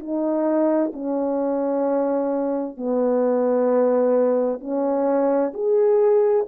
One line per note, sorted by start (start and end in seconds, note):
0.00 0.92 D#4
0.93 2.77 C#4
2.77 4.61 B3
4.61 5.53 C#4
5.54 6.47 G#4